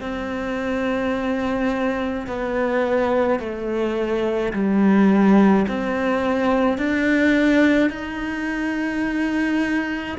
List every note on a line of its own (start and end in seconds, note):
0.00 2.26 C4
2.26 3.39 B3
3.39 4.52 A3
4.53 5.66 G3
5.68 6.77 C4
6.77 7.89 D4
7.89 10.16 D#4